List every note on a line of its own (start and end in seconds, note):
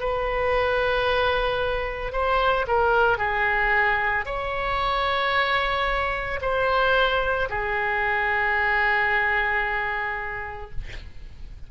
0.00 2.13 B4
2.13 2.66 C5
2.68 3.18 A#4
3.18 4.25 G#4
4.26 6.40 C#5
6.42 7.49 C5
7.50 10.71 G#4